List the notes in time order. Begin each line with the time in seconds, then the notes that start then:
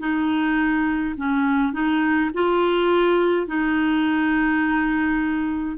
0.00 D#4
1.17 C#4
1.73 D#4
2.34 F4
3.47 D#4